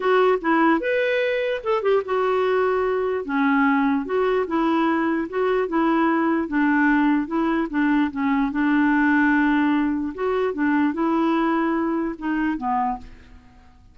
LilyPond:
\new Staff \with { instrumentName = "clarinet" } { \time 4/4 \tempo 4 = 148 fis'4 e'4 b'2 | a'8 g'8 fis'2. | cis'2 fis'4 e'4~ | e'4 fis'4 e'2 |
d'2 e'4 d'4 | cis'4 d'2.~ | d'4 fis'4 d'4 e'4~ | e'2 dis'4 b4 | }